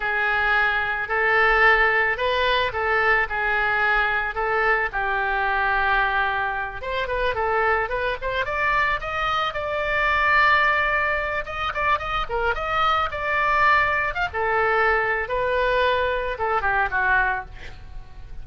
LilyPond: \new Staff \with { instrumentName = "oboe" } { \time 4/4 \tempo 4 = 110 gis'2 a'2 | b'4 a'4 gis'2 | a'4 g'2.~ | g'8 c''8 b'8 a'4 b'8 c''8 d''8~ |
d''8 dis''4 d''2~ d''8~ | d''4 dis''8 d''8 dis''8 ais'8 dis''4 | d''2 f''16 a'4.~ a'16 | b'2 a'8 g'8 fis'4 | }